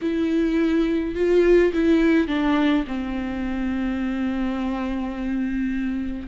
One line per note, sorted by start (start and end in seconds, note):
0.01 1.15 E4
1.15 1.72 F4
1.73 2.27 E4
2.27 2.84 D4
2.87 6.27 C4